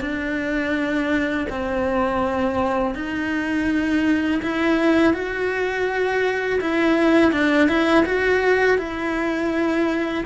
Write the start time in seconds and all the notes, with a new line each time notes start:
0.00 D4
1.49 C4
2.94 D#4
4.42 E4
5.13 F#4
6.61 E4
7.32 D4
7.68 E4
8.05 F#4
8.77 E4